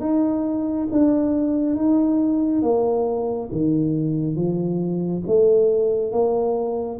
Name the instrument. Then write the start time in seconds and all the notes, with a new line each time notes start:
tuba
0.00 D#4
0.92 D4
1.75 D#4
2.62 A#3
3.51 D#3
4.36 F3
5.26 A3
6.11 A#3